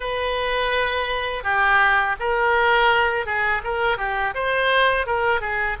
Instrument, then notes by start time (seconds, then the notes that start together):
oboe
0.00 B4
1.43 G4
2.19 A#4
3.25 G#4
3.63 A#4
3.97 G4
4.34 C5
5.06 A#4
5.40 G#4